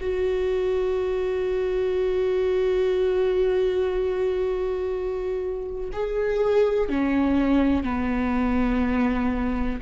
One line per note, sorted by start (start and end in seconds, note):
0.00 5.90 F#4
5.92 6.89 G#4
6.89 7.83 C#4
7.83 9.80 B3